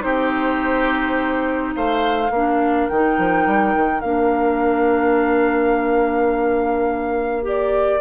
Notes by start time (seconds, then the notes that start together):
0.00 C4 D#4 G4 C5
1.76 A3 C5 F5
2.30 A#3 D4 A#4
2.89 D#3 D#4 G5
3.18 F3
3.47 G3
3.76 D#3
4.01 A#3 D4 F5
7.43 G4 D5